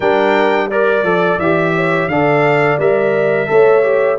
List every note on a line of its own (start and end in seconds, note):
0.00 1.03 G3
0.00 0.70 D4
0.00 0.67 A#4
0.00 0.70 G5
0.70 1.04 A#4
0.70 1.74 D5
0.70 1.39 D5
1.03 1.38 F3
1.03 1.39 A4
1.39 2.07 E3
1.39 2.11 G4
1.39 2.08 E5
1.75 2.10 C#5
2.07 2.77 D3
2.07 2.80 A4
2.07 3.50 D5
2.07 2.78 F5
2.78 3.48 G3
2.78 3.47 A#4
2.78 4.18 E5
3.47 4.18 A3
3.47 3.82 A4
3.47 4.18 C#5
3.82 4.17 G4